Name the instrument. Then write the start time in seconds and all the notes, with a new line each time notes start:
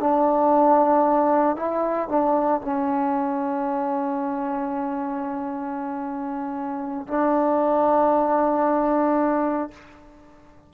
trombone
0.00 D4
1.56 E4
2.09 D4
2.61 C#4
7.07 D4